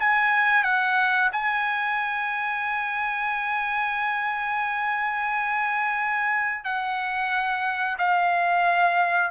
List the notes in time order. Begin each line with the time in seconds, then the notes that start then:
0.00 G#5
0.64 F#5
1.32 G#5
6.64 F#5
7.98 F5